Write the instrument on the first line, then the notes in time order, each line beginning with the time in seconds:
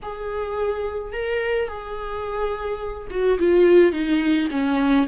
viola
0.02 G#4
1.12 A#4
1.67 G#4
3.10 F#4
3.38 F4
3.92 D#4
4.50 C#4